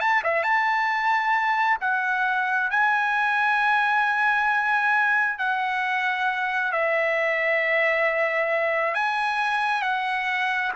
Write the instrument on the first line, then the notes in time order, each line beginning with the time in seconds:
trumpet
0.00 A5
0.24 E5
0.43 A5
1.81 F#5
2.71 G#5
5.38 F#5
6.72 E5
8.94 G#5
9.82 F#5